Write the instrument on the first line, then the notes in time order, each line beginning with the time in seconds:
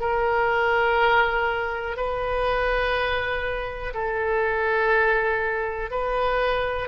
oboe
0.00 A#4
1.97 B4
3.94 A4
5.91 B4